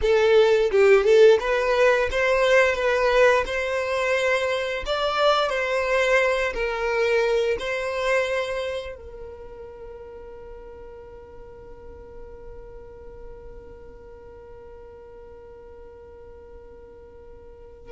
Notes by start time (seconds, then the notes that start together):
0.01 A4
0.71 G4
1.04 A4
1.40 B4
2.11 C5
2.75 B4
3.45 C5
4.86 D5
5.49 C5
6.53 A#4
7.59 C5
8.95 A#4